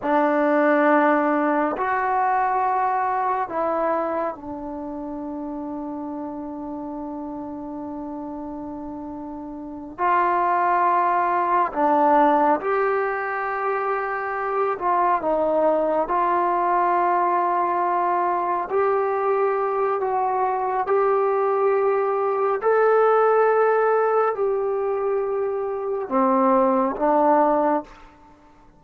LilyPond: \new Staff \with { instrumentName = "trombone" } { \time 4/4 \tempo 4 = 69 d'2 fis'2 | e'4 d'2.~ | d'2.~ d'8 f'8~ | f'4. d'4 g'4.~ |
g'4 f'8 dis'4 f'4.~ | f'4. g'4. fis'4 | g'2 a'2 | g'2 c'4 d'4 | }